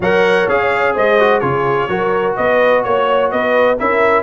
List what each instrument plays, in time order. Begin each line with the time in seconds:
0.00 tuba F#3, trombone A#4, horn C#5, trumpet F#5
0.48 tuba C#4, trombone G#4, trumpet F5
0.94 tuba G#3, horn C5, trumpet D#5
1.19 trombone F#4
1.40 tuba C#3, trombone F4, horn G#4, trumpet C#5
1.88 tuba F#3, trombone F#4, horn A#4
2.36 tuba B3, horn B4, trumpet D#5
2.83 tuba A#3, trumpet C#5, horn C#5
3.31 tuba B3, horn B4, trumpet D#5
3.79 tuba C#4, trombone E4, horn A#4, trumpet E5